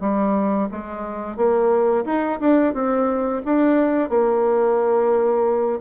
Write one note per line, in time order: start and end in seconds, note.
0.00 0.68 G3
0.71 1.36 G#3
1.36 2.05 A#3
2.05 2.39 D#4
2.40 2.74 D4
2.74 3.42 C4
3.45 4.09 D4
4.09 5.80 A#3